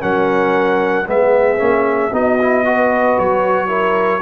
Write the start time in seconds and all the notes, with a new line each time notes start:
0.00 F#3 C#4 A#4 F#5
1.07 G#3 B3 G#4 E5
1.58 A#3 C#4
2.12 B3 D#4 F#4 D#5
2.41 E4
2.65 F#4 B4
3.19 F#3 C#5
3.68 E4 A#4